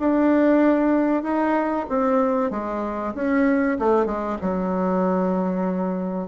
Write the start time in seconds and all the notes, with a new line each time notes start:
0.00 D4
1.23 D#4
1.89 C4
2.51 G#3
3.15 C#4
3.79 A3
4.07 G#3
4.42 F#3